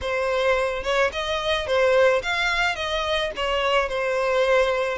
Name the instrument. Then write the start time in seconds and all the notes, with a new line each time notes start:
violin
0.01 C5
0.83 C#5
1.12 D#5
1.66 C5
2.22 F5
2.75 D#5
3.36 C#5
3.88 C5